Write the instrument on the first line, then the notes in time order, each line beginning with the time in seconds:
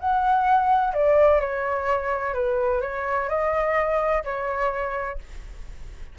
flute
0.00 F#5
0.94 D5
1.41 C#5
2.35 B4
2.82 C#5
3.29 D#5
4.24 C#5